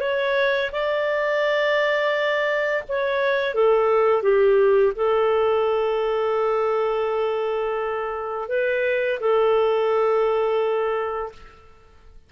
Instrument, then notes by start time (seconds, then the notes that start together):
clarinet
0.00 C#5
0.72 D5
2.88 C#5
3.55 A4
4.23 G4
4.96 A4
8.49 B4
9.20 A4